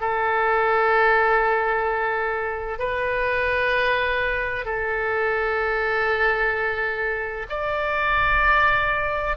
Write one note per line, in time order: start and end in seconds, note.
0.00 2.79 A4
2.79 4.65 B4
4.65 7.47 A4
7.49 9.37 D5